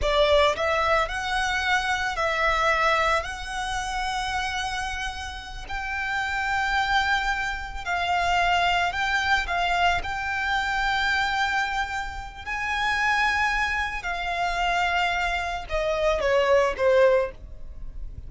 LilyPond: \new Staff \with { instrumentName = "violin" } { \time 4/4 \tempo 4 = 111 d''4 e''4 fis''2 | e''2 fis''2~ | fis''2~ fis''8 g''4.~ | g''2~ g''8 f''4.~ |
f''8 g''4 f''4 g''4.~ | g''2. gis''4~ | gis''2 f''2~ | f''4 dis''4 cis''4 c''4 | }